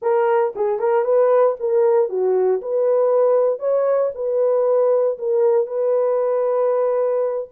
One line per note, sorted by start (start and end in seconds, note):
0.02 0.53 A#4
0.55 0.79 G#4
0.79 1.04 A#4
1.04 1.56 B4
1.59 2.09 A#4
2.09 2.61 F#4
2.61 3.59 B4
3.59 4.11 C#5
4.14 5.18 B4
5.18 5.66 A#4
5.66 7.47 B4